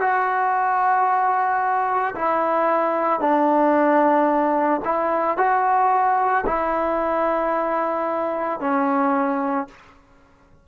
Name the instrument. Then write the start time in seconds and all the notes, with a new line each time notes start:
trombone
0.00 F#4
2.15 E4
3.20 D4
4.84 E4
5.37 F#4
6.46 E4
8.60 C#4